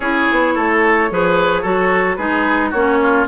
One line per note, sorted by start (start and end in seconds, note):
0.00 0.26 C#4
0.00 1.10 E4
0.00 0.54 G#4
0.00 2.16 C#5
0.31 0.56 B3
0.55 1.10 A3
0.55 1.09 A4
1.10 1.63 F3
1.10 1.64 G#4
1.10 1.62 B4
1.62 2.17 F#3
1.62 2.18 F#4
1.62 2.16 A4
2.16 2.72 G#3
2.16 2.73 D#4
2.16 2.70 G#4
2.16 2.70 B4
2.70 3.27 A#3
2.70 3.27 C#4
2.70 2.97 F#4
2.70 3.26 C#5
3.02 3.27 F4